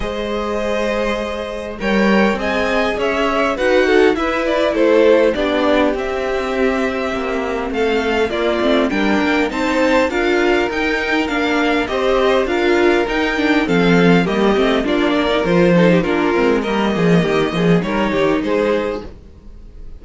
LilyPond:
<<
  \new Staff \with { instrumentName = "violin" } { \time 4/4 \tempo 4 = 101 dis''2. g''4 | gis''4 e''4 fis''4 e''8 d''8 | c''4 d''4 e''2~ | e''4 f''4 d''4 g''4 |
a''4 f''4 g''4 f''4 | dis''4 f''4 g''4 f''4 | dis''4 d''4 c''4 ais'4 | dis''2 cis''4 c''4 | }
  \new Staff \with { instrumentName = "violin" } { \time 4/4 c''2. cis''4 | dis''4 cis''4 b'8 a'8 b'4 | a'4 g'2.~ | g'4 a'4 f'4 ais'4 |
c''4 ais'2. | c''4 ais'2 a'4 | g'4 f'8 ais'4 a'16 g'16 f'4 | ais'8 gis'8 g'8 gis'8 ais'8 g'8 gis'4 | }
  \new Staff \with { instrumentName = "viola" } { \time 4/4 gis'2. ais'4 | gis'2 fis'4 e'4~ | e'4 d'4 c'2~ | c'2 ais8 c'8 d'4 |
dis'4 f'4 dis'4 d'4 | g'4 f'4 dis'8 d'8 c'4 | ais8 c'8 d'8. dis'16 f'8 dis'8 d'8 c'8 | ais2 dis'2 | }
  \new Staff \with { instrumentName = "cello" } { \time 4/4 gis2. g4 | c'4 cis'4 dis'4 e'4 | a4 b4 c'2 | ais4 a4 ais8 a8 g8 ais8 |
c'4 d'4 dis'4 ais4 | c'4 d'4 dis'4 f4 | g8 a8 ais4 f4 ais8 gis8 | g8 f8 dis8 f8 g8 dis8 gis4 | }
>>